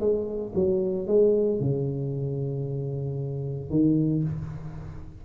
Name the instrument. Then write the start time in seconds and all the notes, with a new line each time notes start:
tuba
0.00 G#3
0.55 F#3
1.07 G#3
1.60 C#3
3.70 D#3